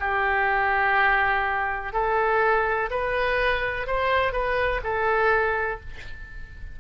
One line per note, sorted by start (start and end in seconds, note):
0.00 1.93 G4
1.93 2.90 A4
2.91 3.87 B4
3.87 4.32 C5
4.32 4.81 B4
4.83 5.80 A4